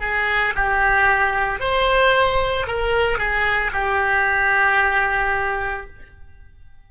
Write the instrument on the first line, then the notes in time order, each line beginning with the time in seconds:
oboe
0.00 G#4
0.56 G4
1.60 C5
2.67 A#4
3.19 G#4
3.73 G4